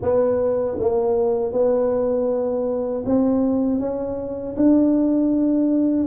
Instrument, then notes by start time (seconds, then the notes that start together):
tuba
0.02 B3
0.79 A#3
1.52 B3
3.05 C4
3.79 C#4
4.56 D4